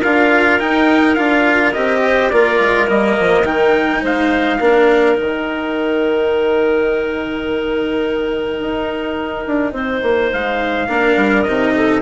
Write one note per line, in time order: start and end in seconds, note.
0.00 0.61 D4
0.00 0.59 F4
0.00 2.00 A#4
0.00 0.60 F5
0.59 1.16 D#4
0.59 1.18 D#4
0.59 1.15 G5
1.15 1.75 D4
1.15 1.74 F4
1.15 1.72 F5
1.73 2.32 C4
1.73 2.31 G4
1.73 2.30 D#5
2.04 2.32 C5
2.30 2.59 A#3
2.30 2.87 F4
2.30 4.01 A#4
2.30 2.87 D5
2.59 2.88 G#3
2.87 3.17 G3
2.87 3.44 A#3
2.87 3.46 D#5
3.20 3.45 F3
3.45 4.02 D#3
3.45 4.59 D#4
3.45 4.03 G5
4.01 4.60 G#3
4.01 4.58 C5
4.01 5.19 F5
4.59 5.17 A#3
4.59 5.16 D4
4.59 9.73 A#4
5.16 8.59 D#3
5.16 10.87 D#4
5.16 10.33 G5
8.59 9.45 D#4
9.47 9.73 D4
9.73 10.01 C4
9.73 10.88 C5
10.02 10.31 A#3
10.33 10.88 G#3
10.33 11.43 F5
10.88 11.16 A#3
10.88 11.46 D4
10.88 11.74 A#4
11.17 11.45 G3
11.43 12.02 C3
11.43 12.02 D#4
11.43 12.00 D#5
11.75 12.02 A4